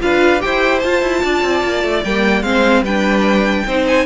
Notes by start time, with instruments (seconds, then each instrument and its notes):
0.00 cello D4, viola F4, violin B4 F5
0.39 cello E4, viola G4, violin C5 G5
0.79 viola F4, cello F4, violin A5
1.02 cello E4
1.22 cello D4, violin D5
1.42 cello C4
1.64 cello A#3
1.84 cello A3
2.04 cello G3, viola A#3, violin G5
2.42 cello G#3, viola C4, violin C5 F5
2.82 cello G3, viola D4, violin B4 G5
3.67 cello C4, viola D#4, violin C5
3.87 violin G#5